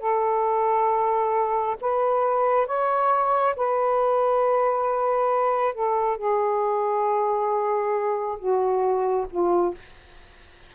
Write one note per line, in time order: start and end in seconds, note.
0.00 1.76 A4
1.81 2.67 B4
2.67 3.55 C#5
3.57 5.75 B4
5.75 6.18 A4
6.18 8.39 G#4
8.39 9.27 F#4
9.31 9.75 F4